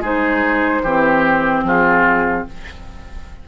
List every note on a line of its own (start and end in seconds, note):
0.00 0.81 G#3
0.00 0.84 D#4
0.00 0.82 G#4
0.00 1.66 C5
0.82 1.63 E3
0.82 2.47 C4
0.82 1.64 G4
1.63 2.44 F3
1.63 2.47 F4
1.63 2.47 G#4